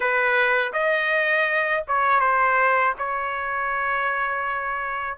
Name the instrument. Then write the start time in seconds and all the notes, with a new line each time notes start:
trumpet
0.00 B4
0.72 D#5
1.87 C#5
2.20 C5
2.98 C#5